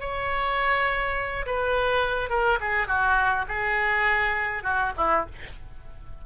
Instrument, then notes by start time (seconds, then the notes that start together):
oboe
0.00 C#5
1.46 B4
2.30 A#4
2.61 G#4
2.87 F#4
3.48 G#4
4.63 F#4
4.97 E4